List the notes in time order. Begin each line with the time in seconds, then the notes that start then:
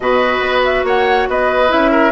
0.00 B2 F#4 B4 D#5
0.40 B3
0.64 E5
0.83 A#3 C#5 F#5
1.28 B3 B4 D#5
1.68 C#4 E4 E5
1.91 A#4